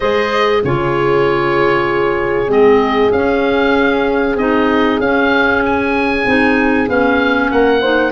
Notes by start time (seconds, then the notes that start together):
0.00 G#3 G#4 C5 D#5
0.64 C#3 F4 G#4 C#5
2.47 G#3 C4 D#5
3.11 C#4 F5
4.35 C4 D#4 D#5
4.99 C#4 F5
5.65 G#5
6.25 C4 D#4
6.88 B3 C#4 F5
7.51 A#3 A#4 F#5
7.81 D#4 C5